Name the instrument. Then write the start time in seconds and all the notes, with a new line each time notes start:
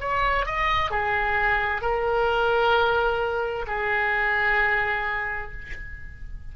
oboe
0.00 C#5
0.45 D#5
0.90 G#4
1.81 A#4
3.67 G#4